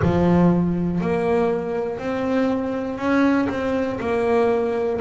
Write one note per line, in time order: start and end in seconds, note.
0.02 1.00 F3
1.00 1.98 A#3
1.98 2.97 C4
2.97 3.47 C#4
3.49 3.99 C4
4.00 5.00 A#3